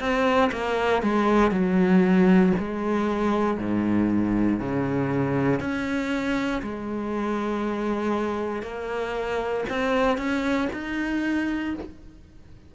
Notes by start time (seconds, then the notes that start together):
0.00 C4
0.52 A#3
1.02 G#3
1.51 F#3
2.58 G#3
3.57 G#2
4.59 C#3
5.60 C#4
6.62 G#3
8.63 A#3
9.69 C4
10.17 C#4
10.72 D#4